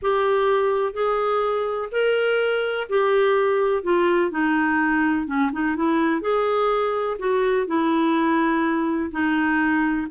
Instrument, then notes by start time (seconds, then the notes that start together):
clarinet
0.02 G4
0.93 G#4
1.91 A#4
2.89 G4
3.83 F4
4.30 D#4
5.27 C#4
5.52 D#4
5.76 E4
6.21 G#4
7.19 F#4
7.66 E4
9.11 D#4